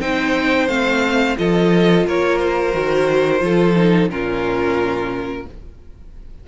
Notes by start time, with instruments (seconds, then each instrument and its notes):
0.00 cello C4, viola D#4, violin C5 G5
0.68 cello A3, viola C4, violin F5
1.37 cello F3, viola F4, violin A4 D#5
2.07 cello A#3, violin A#4 C#5
2.38 violin C5
2.72 cello D#3, viola F#4
3.39 cello F3, viola F4, violin A4
3.77 viola D#4
4.10 cello A#2, viola C#4, violin F4 A#4